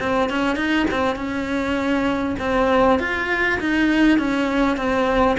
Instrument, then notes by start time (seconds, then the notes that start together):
cello
0.00 C4
0.30 C#4
0.57 D#4
0.91 C4
1.16 C#4
2.40 C4
3.00 F4
3.61 D#4
4.19 C#4
4.77 C4